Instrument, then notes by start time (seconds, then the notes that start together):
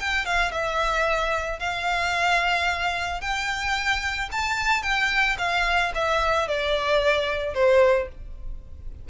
violin
0.00 G5
0.26 F5
0.52 E5
1.59 F5
3.21 G5
4.32 A5
4.83 G5
5.38 F5
5.95 E5
6.48 D5
7.55 C5